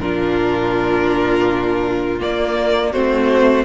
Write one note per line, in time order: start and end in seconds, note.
0.00 2.20 A#2
0.00 2.20 D4
0.00 2.92 F4
0.00 2.20 A#4
2.20 2.93 A#3
2.20 2.94 A#3
2.20 2.93 D5
2.92 3.65 A3
2.92 3.65 C4
2.92 3.65 F#4
2.92 3.65 C5